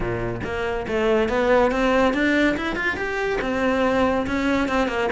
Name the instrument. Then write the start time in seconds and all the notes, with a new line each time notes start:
cello
0.00 A#2
0.44 A#3
0.87 A3
1.28 B3
1.71 C4
2.13 D4
2.56 E4
2.75 F4
2.96 G4
3.41 C4
4.26 C#4
4.68 C4
4.87 A#3